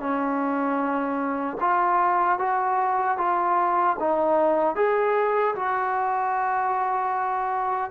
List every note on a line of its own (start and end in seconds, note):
0.00 1.58 C#4
1.61 2.39 F4
2.39 3.18 F#4
3.18 3.97 F4
4.00 4.76 D#4
4.76 5.55 G#4
5.55 7.91 F#4